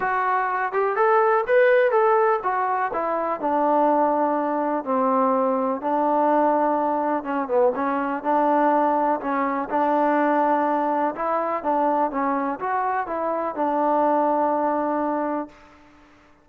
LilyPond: \new Staff \with { instrumentName = "trombone" } { \time 4/4 \tempo 4 = 124 fis'4. g'8 a'4 b'4 | a'4 fis'4 e'4 d'4~ | d'2 c'2 | d'2. cis'8 b8 |
cis'4 d'2 cis'4 | d'2. e'4 | d'4 cis'4 fis'4 e'4 | d'1 | }